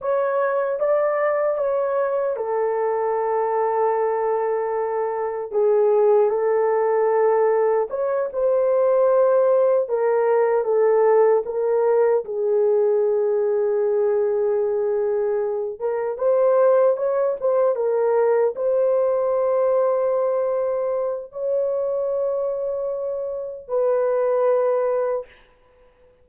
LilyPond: \new Staff \with { instrumentName = "horn" } { \time 4/4 \tempo 4 = 76 cis''4 d''4 cis''4 a'4~ | a'2. gis'4 | a'2 cis''8 c''4.~ | c''8 ais'4 a'4 ais'4 gis'8~ |
gis'1 | ais'8 c''4 cis''8 c''8 ais'4 c''8~ | c''2. cis''4~ | cis''2 b'2 | }